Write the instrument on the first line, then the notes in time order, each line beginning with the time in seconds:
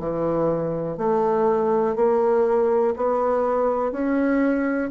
bassoon
0.00 E3
0.98 A3
1.96 A#3
2.97 B3
3.92 C#4